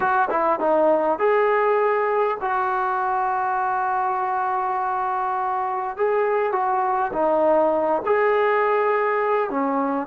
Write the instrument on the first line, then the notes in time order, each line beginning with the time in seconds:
trombone
0.00 F#4
0.30 E4
0.59 D#4
1.19 G#4
2.40 F#4
5.96 G#4
6.52 F#4
7.13 D#4
8.05 G#4
9.50 C#4